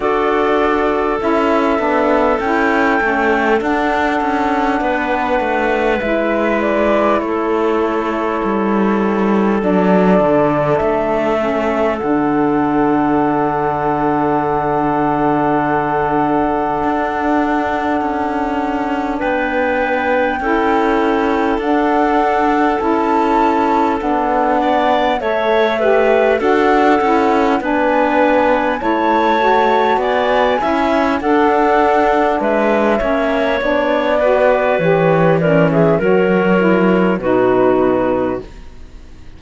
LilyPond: <<
  \new Staff \with { instrumentName = "flute" } { \time 4/4 \tempo 4 = 50 d''4 e''4 g''4 fis''4~ | fis''4 e''8 d''8 cis''2 | d''4 e''4 fis''2~ | fis''1 |
g''2 fis''4 a''4 | fis''4 e''4 fis''4 gis''4 | a''4 gis''4 fis''4 e''4 | d''4 cis''8 d''16 e''16 cis''4 b'4 | }
  \new Staff \with { instrumentName = "clarinet" } { \time 4/4 a'1 | b'2 a'2~ | a'1~ | a'1 |
b'4 a'2.~ | a'8 d''8 cis''8 b'8 a'4 b'4 | cis''4 d''8 e''8 a'4 b'8 cis''8~ | cis''8 b'4 ais'16 gis'16 ais'4 fis'4 | }
  \new Staff \with { instrumentName = "saxophone" } { \time 4/4 fis'4 e'8 d'8 e'8 cis'8 d'4~ | d'4 e'2. | d'4. cis'8 d'2~ | d'1~ |
d'4 e'4 d'4 e'4 | d'4 a'8 g'8 fis'8 e'8 d'4 | e'8 fis'4 e'8 d'4. cis'8 | d'8 fis'8 g'8 cis'8 fis'8 e'8 dis'4 | }
  \new Staff \with { instrumentName = "cello" } { \time 4/4 d'4 cis'8 b8 cis'8 a8 d'8 cis'8 | b8 a8 gis4 a4 g4 | fis8 d8 a4 d2~ | d2 d'4 cis'4 |
b4 cis'4 d'4 cis'4 | b4 a4 d'8 cis'8 b4 | a4 b8 cis'8 d'4 gis8 ais8 | b4 e4 fis4 b,4 | }
>>